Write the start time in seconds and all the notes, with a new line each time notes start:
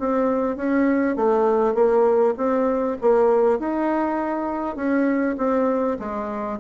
0.00 C4
0.57 C#4
1.17 A3
1.75 A#3
2.38 C4
3.02 A#3
3.60 D#4
4.76 C#4
5.38 C4
5.99 G#3